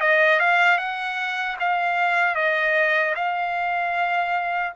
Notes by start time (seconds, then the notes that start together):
0.00 D#5
0.39 F5
0.78 F#5
1.59 F5
2.35 D#5
3.15 F5